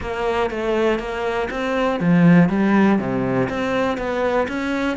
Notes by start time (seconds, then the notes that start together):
0.00 A#3
0.50 A3
0.99 A#3
1.50 C4
2.00 F3
2.49 G3
2.98 C3
3.49 C4
3.97 B3
4.48 C#4